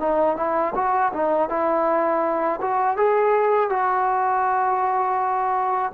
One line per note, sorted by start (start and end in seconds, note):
0.00 0.37 D#4
0.37 0.74 E4
0.75 1.12 F#4
1.13 1.49 D#4
1.49 2.61 E4
2.62 2.97 F#4
2.97 3.70 G#4
3.70 5.92 F#4